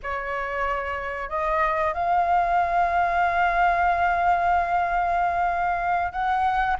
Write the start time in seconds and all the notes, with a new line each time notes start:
0.02 C#5
1.29 D#5
1.93 F5
6.12 F#5